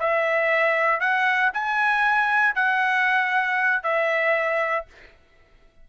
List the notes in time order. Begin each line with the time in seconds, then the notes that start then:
0.00 E5
1.00 F#5
1.53 G#5
2.55 F#5
3.83 E5